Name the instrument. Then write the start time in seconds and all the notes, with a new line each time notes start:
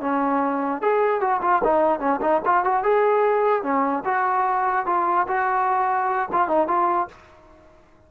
trombone
0.00 C#4
0.81 G#4
1.21 F#4
1.42 F4
1.64 D#4
1.99 C#4
2.21 D#4
2.45 F4
2.64 F#4
2.83 G#4
3.63 C#4
4.05 F#4
4.86 F4
5.27 F#4
6.32 F4
6.48 D#4
6.67 F4